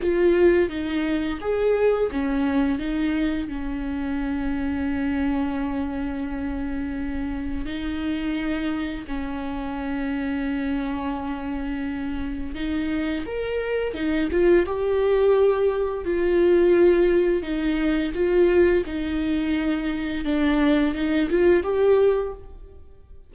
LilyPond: \new Staff \with { instrumentName = "viola" } { \time 4/4 \tempo 4 = 86 f'4 dis'4 gis'4 cis'4 | dis'4 cis'2.~ | cis'2. dis'4~ | dis'4 cis'2.~ |
cis'2 dis'4 ais'4 | dis'8 f'8 g'2 f'4~ | f'4 dis'4 f'4 dis'4~ | dis'4 d'4 dis'8 f'8 g'4 | }